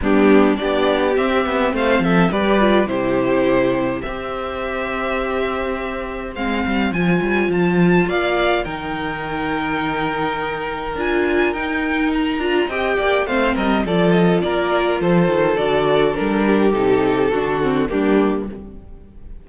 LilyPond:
<<
  \new Staff \with { instrumentName = "violin" } { \time 4/4 \tempo 4 = 104 g'4 d''4 e''4 f''8 e''8 | d''4 c''2 e''4~ | e''2. f''4 | gis''4 a''4 f''4 g''4~ |
g''2. gis''4 | g''4 ais''4 g''4 f''8 dis''8 | d''8 dis''8 d''4 c''4 d''4 | ais'4 a'2 g'4 | }
  \new Staff \with { instrumentName = "violin" } { \time 4/4 d'4 g'2 c''8 a'8 | b'4 g'2 c''4~ | c''1~ | c''2 d''4 ais'4~ |
ais'1~ | ais'2 dis''8 d''8 c''8 ais'8 | a'4 ais'4 a'2~ | a'8 g'4. fis'4 d'4 | }
  \new Staff \with { instrumentName = "viola" } { \time 4/4 b4 d'4 c'2 | g'8 f'8 e'2 g'4~ | g'2. c'4 | f'2. dis'4~ |
dis'2. f'4 | dis'4. f'8 g'4 c'4 | f'2. fis'4 | d'4 dis'4 d'8 c'8 ais4 | }
  \new Staff \with { instrumentName = "cello" } { \time 4/4 g4 b4 c'8 b8 a8 f8 | g4 c2 c'4~ | c'2. gis8 g8 | f8 g8 f4 ais4 dis4~ |
dis2. d'4 | dis'4. d'8 c'8 ais8 a8 g8 | f4 ais4 f8 dis8 d4 | g4 c4 d4 g4 | }
>>